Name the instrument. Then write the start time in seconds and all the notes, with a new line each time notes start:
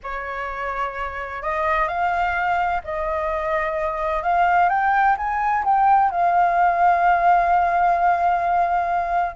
flute
0.03 C#5
1.42 D#5
1.87 F5
2.84 D#5
4.23 F5
4.69 G5
5.17 G#5
5.64 G5
6.11 F5